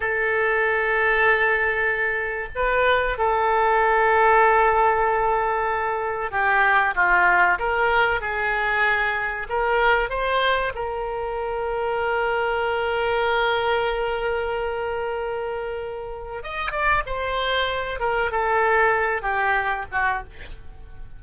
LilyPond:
\new Staff \with { instrumentName = "oboe" } { \time 4/4 \tempo 4 = 95 a'1 | b'4 a'2.~ | a'2 g'4 f'4 | ais'4 gis'2 ais'4 |
c''4 ais'2.~ | ais'1~ | ais'2 dis''8 d''8 c''4~ | c''8 ais'8 a'4. g'4 fis'8 | }